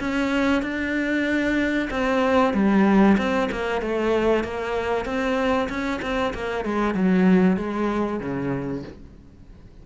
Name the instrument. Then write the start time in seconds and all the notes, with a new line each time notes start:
cello
0.00 C#4
0.63 D4
1.90 C4
2.54 G3
3.18 C4
3.51 A#3
3.82 A3
4.44 A#3
5.05 C4
5.69 C#4
6.02 C4
6.34 A#3
6.65 G#3
6.94 F#3
7.57 G#3
8.20 C#3